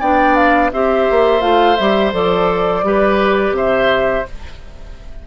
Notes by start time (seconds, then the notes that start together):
0.00 B3 D4 D5 G5
0.36 F5
0.72 C4 G4 C5 E5
1.10 A#3
1.40 A3 F4 F5
1.77 G3 G4 E5
2.12 F3 A4 D5
2.83 G3 G4 B4
3.51 C3 C5 E5